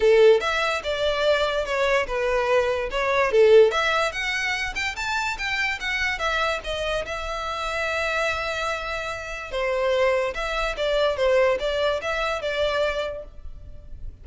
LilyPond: \new Staff \with { instrumentName = "violin" } { \time 4/4 \tempo 4 = 145 a'4 e''4 d''2 | cis''4 b'2 cis''4 | a'4 e''4 fis''4. g''8 | a''4 g''4 fis''4 e''4 |
dis''4 e''2.~ | e''2. c''4~ | c''4 e''4 d''4 c''4 | d''4 e''4 d''2 | }